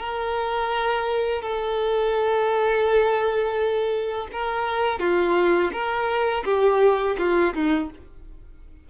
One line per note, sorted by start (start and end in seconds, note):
0.00 1.43 A#4
1.43 4.28 A4
4.32 5.00 A#4
5.00 5.71 F4
5.73 6.44 A#4
6.45 7.17 G4
7.19 7.55 F4
7.55 7.90 D#4